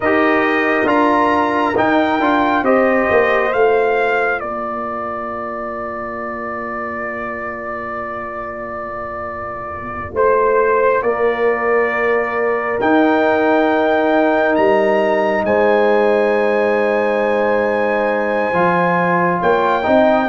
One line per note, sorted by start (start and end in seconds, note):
0.00 0.84 D#4
0.00 0.86 G4
0.00 2.64 A#4
0.00 0.87 D#5
0.84 1.72 D4
0.84 1.74 F4
0.84 1.76 A#5
1.76 2.20 D#4
1.76 2.19 D#4
1.76 2.65 G5
2.19 2.62 D4
2.19 2.64 F4
2.62 3.07 C4
2.62 3.52 G4
2.62 4.41 C5
2.62 3.52 D#5
3.10 3.53 A#3
3.52 4.41 A3
3.52 12.78 F4
3.52 4.40 F5
4.40 10.14 A#3
4.40 10.14 A#4
4.40 10.13 D5
10.14 11.02 A3
10.14 11.02 C5
11.02 12.78 A#3
11.02 15.44 A#4
11.02 12.78 D5
12.80 18.53 D#4
12.80 14.57 D#4
12.80 14.55 G5
14.55 15.44 G3
14.55 15.44 A#5
15.44 18.52 G#3
15.44 19.41 C5
15.44 19.42 G#5
18.52 19.40 F3
18.52 19.82 F4
19.41 19.86 A#3
19.41 19.85 C#5
19.41 20.28 G5
19.82 20.28 C4
19.82 20.26 D#4
19.82 20.28 D#5